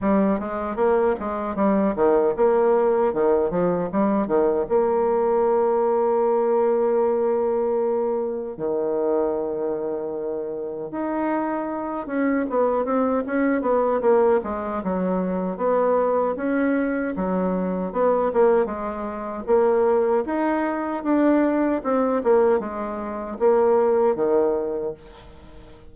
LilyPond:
\new Staff \with { instrumentName = "bassoon" } { \time 4/4 \tempo 4 = 77 g8 gis8 ais8 gis8 g8 dis8 ais4 | dis8 f8 g8 dis8 ais2~ | ais2. dis4~ | dis2 dis'4. cis'8 |
b8 c'8 cis'8 b8 ais8 gis8 fis4 | b4 cis'4 fis4 b8 ais8 | gis4 ais4 dis'4 d'4 | c'8 ais8 gis4 ais4 dis4 | }